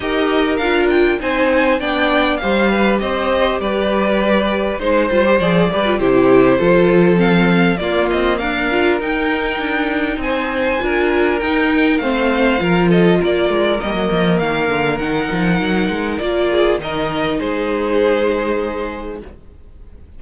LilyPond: <<
  \new Staff \with { instrumentName = "violin" } { \time 4/4 \tempo 4 = 100 dis''4 f''8 g''8 gis''4 g''4 | f''4 dis''4 d''2 | c''4 d''4 c''2 | f''4 d''8 dis''8 f''4 g''4~ |
g''4 gis''2 g''4 | f''4. dis''8 d''4 dis''4 | f''4 fis''2 d''4 | dis''4 c''2. | }
  \new Staff \with { instrumentName = "violin" } { \time 4/4 ais'2 c''4 d''4 | c''8 b'8 c''4 b'2 | c''4. b'8 g'4 a'4~ | a'4 f'4 ais'2~ |
ais'4 c''4 ais'2 | c''4 ais'8 a'8 ais'2~ | ais'2.~ ais'8 gis'8 | ais'4 gis'2. | }
  \new Staff \with { instrumentName = "viola" } { \time 4/4 g'4 f'4 dis'4 d'4 | g'1 | dis'8 f'16 g'16 gis'8 g'16 f'16 e'4 f'4 | c'4 ais4. f'8 dis'4~ |
dis'2 f'4 dis'4 | c'4 f'2 ais4~ | ais4 dis'2 f'4 | dis'1 | }
  \new Staff \with { instrumentName = "cello" } { \time 4/4 dis'4 d'4 c'4 b4 | g4 c'4 g2 | gis8 g8 f8 g8 c4 f4~ | f4 ais8 c'8 d'4 dis'4 |
d'4 c'4 d'4 dis'4 | a4 f4 ais8 gis8 g16 fis16 f8 | dis8 d8 dis8 f8 fis8 gis8 ais4 | dis4 gis2. | }
>>